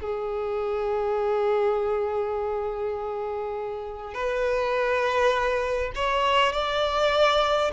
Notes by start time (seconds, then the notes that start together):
0.00 G#4
4.14 B4
5.95 C#5
6.52 D5